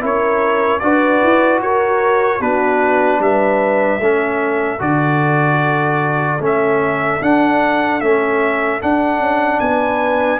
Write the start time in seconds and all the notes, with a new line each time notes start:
0.00 C#4 E4 A#4 C#5
0.79 D4 F#4 B4 D5
1.23 E4
1.61 F#4 A#4 C#5
2.39 B3 D4 F#4 B4
3.19 G3 B4 E5
3.99 A3 C#4 A4
4.79 D3 F#4 D5
6.39 A3 C#4 E5
7.21 D4 F#5
8.00 A3 C#4 E5
8.80 D4 F#5
9.19 C#4
9.60 B3 B4 G#5